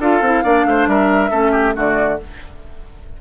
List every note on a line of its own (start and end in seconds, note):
0.00 0.21 D4
0.00 0.23 F4
0.00 0.44 A4
0.00 0.88 F5
0.21 0.43 C4
0.21 0.44 E4
0.44 0.65 A#3
0.44 1.31 D4
0.44 0.66 D5
0.65 0.87 A3
0.65 0.89 C5
0.87 1.30 G3
0.87 1.30 A#4
0.87 1.76 E5
1.30 1.76 A3
1.30 1.74 C#4
1.30 1.52 A4
1.52 1.74 G4
1.74 2.19 D3
1.74 2.18 A3
1.74 2.20 F#4
1.74 2.21 D5